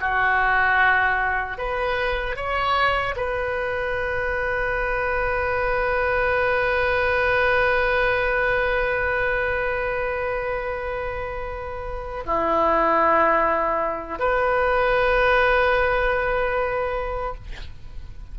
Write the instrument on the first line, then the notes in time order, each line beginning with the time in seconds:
oboe
0.00 F#4
1.58 B4
2.36 C#5
3.16 B4
12.26 E4
14.19 B4